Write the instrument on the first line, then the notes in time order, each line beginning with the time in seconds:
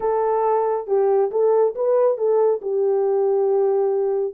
horn
0.00 A4
0.87 G4
1.31 A4
1.75 B4
2.17 A4
2.61 G4